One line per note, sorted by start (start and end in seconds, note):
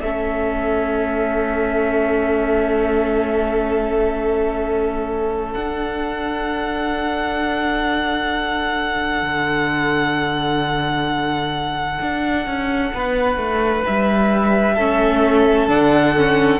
0.00 5.54 A3
0.00 5.54 C#4
0.00 12.95 A4
0.00 5.53 E5
5.53 14.77 D4
5.53 9.22 D4
5.53 13.83 F#5
9.22 11.99 D3
12.01 12.46 D4
12.46 12.92 C#4
12.93 13.37 B3
12.93 14.75 B4
13.37 13.83 A3
13.86 14.77 G3
13.86 15.69 E5
14.75 15.68 A3
14.75 15.68 C#4
14.75 16.59 A4
15.68 16.59 D3
15.68 16.14 D4
15.68 16.59 F#5
16.17 16.59 C#4